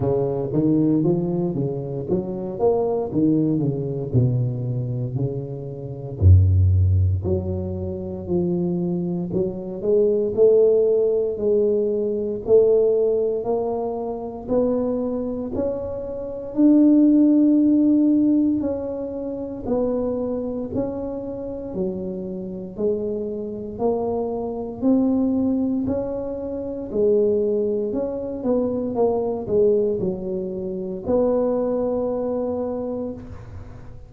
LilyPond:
\new Staff \with { instrumentName = "tuba" } { \time 4/4 \tempo 4 = 58 cis8 dis8 f8 cis8 fis8 ais8 dis8 cis8 | b,4 cis4 fis,4 fis4 | f4 fis8 gis8 a4 gis4 | a4 ais4 b4 cis'4 |
d'2 cis'4 b4 | cis'4 fis4 gis4 ais4 | c'4 cis'4 gis4 cis'8 b8 | ais8 gis8 fis4 b2 | }